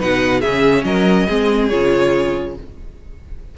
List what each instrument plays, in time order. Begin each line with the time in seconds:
0.00 cello B2, viola D#4, violin B4 F#5
0.41 cello C#3, viola C#4, violin G#4 E5
0.84 cello F#3, violin A#4 D#5
1.27 cello G#3, viola C4, violin G#4
1.69 cello C#3, viola F4, violin C#5